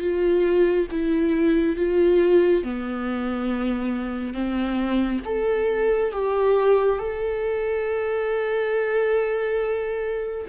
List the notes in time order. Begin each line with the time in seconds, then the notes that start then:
0.00 F4
0.91 E4
1.76 F4
2.63 B3
4.33 C4
5.25 A4
6.11 G4
6.98 A4